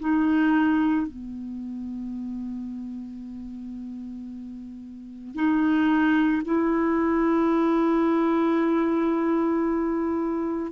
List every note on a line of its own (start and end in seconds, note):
0.00 1.07 D#4
1.07 5.35 B3
5.35 6.42 D#4
6.45 10.71 E4